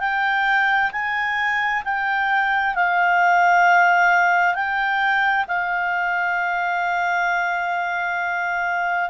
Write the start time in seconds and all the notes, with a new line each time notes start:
0.00 G5
0.92 G#5
1.85 G5
2.75 F5
4.55 G5
5.48 F5